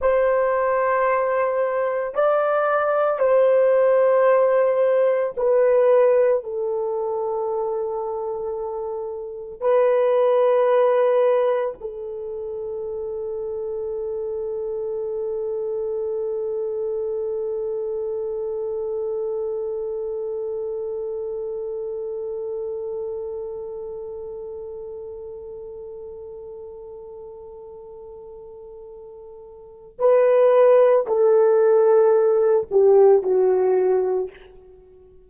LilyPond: \new Staff \with { instrumentName = "horn" } { \time 4/4 \tempo 4 = 56 c''2 d''4 c''4~ | c''4 b'4 a'2~ | a'4 b'2 a'4~ | a'1~ |
a'1~ | a'1~ | a'1 | b'4 a'4. g'8 fis'4 | }